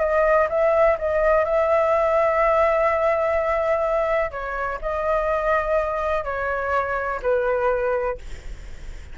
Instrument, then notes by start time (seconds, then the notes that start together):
flute
0.00 D#5
0.50 E5
0.99 D#5
1.44 E5
4.31 C#5
4.82 D#5
6.24 C#5
7.22 B4